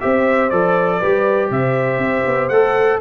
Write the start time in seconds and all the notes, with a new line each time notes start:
0.00 C4 G4 C5 E5
0.49 F3 A4 D5
0.99 G3 G4 B4
1.50 C3 C5 E5
1.97 C4
2.26 B3
2.48 A3 A4 F#5